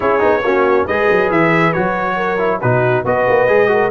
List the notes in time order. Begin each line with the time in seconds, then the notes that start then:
0.00 C#4 E4 G#4 C#5
0.19 B3 D#4
0.43 A#3 C#4 F#4
0.85 G#3 G#4 B4 D#5
1.10 F#3
1.30 E3 E5
1.73 F#3 F#4 C#5
2.16 A#4
2.37 E4
2.60 B2 D#4 F#4 B4
3.04 B3 F#4 B4 D#5
3.28 A#3
3.48 G#3 G#4
3.68 F#4 A#4